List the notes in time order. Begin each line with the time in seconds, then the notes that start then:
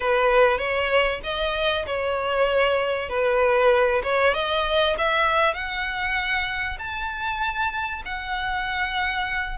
0.00 B4
0.58 C#5
1.23 D#5
1.86 C#5
3.09 B4
4.03 C#5
4.34 D#5
4.97 E5
5.54 F#5
6.78 A5
8.05 F#5